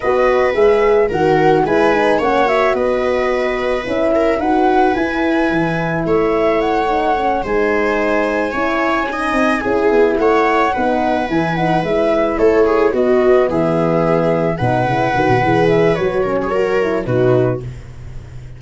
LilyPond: <<
  \new Staff \with { instrumentName = "flute" } { \time 4/4 \tempo 4 = 109 dis''4 e''4 fis''4 gis''4 | fis''8 e''8 dis''2 e''4 | fis''4 gis''2 e''4 | fis''4. gis''2~ gis''8~ |
gis''2~ gis''8 fis''4.~ | fis''8 gis''8 fis''8 e''4 cis''4 dis''8~ | dis''8 e''2 fis''4.~ | fis''8 e''8 cis''2 b'4 | }
  \new Staff \with { instrumentName = "viola" } { \time 4/4 b'2 ais'4 b'4 | cis''4 b'2~ b'8 ais'8 | b'2. cis''4~ | cis''4. c''2 cis''8~ |
cis''8 dis''4 gis'4 cis''4 b'8~ | b'2~ b'8 a'8 gis'8 fis'8~ | fis'8 gis'2 b'4.~ | b'4. ais'16 gis'16 ais'4 fis'4 | }
  \new Staff \with { instrumentName = "horn" } { \time 4/4 fis'4 gis'4 fis'4 e'8 dis'8 | cis'8 fis'2~ fis'8 e'4 | fis'4 e'2.~ | e'8 dis'8 cis'8 dis'2 e'8~ |
e'8 dis'4 e'2 dis'8~ | dis'8 e'8 dis'8 e'2 b8~ | b2~ b8 dis'8 e'8 fis'8 | gis'4 fis'8 cis'8 fis'8 e'8 dis'4 | }
  \new Staff \with { instrumentName = "tuba" } { \time 4/4 b4 gis4 dis4 gis4 | ais4 b2 cis'4 | dis'4 e'4 e4 a4~ | a4. gis2 cis'8~ |
cis'4 c'8 cis'8 b8 a4 b8~ | b8 e4 gis4 a4 b8~ | b8 e2 b,8 cis8 dis16 b,16 | e4 fis2 b,4 | }
>>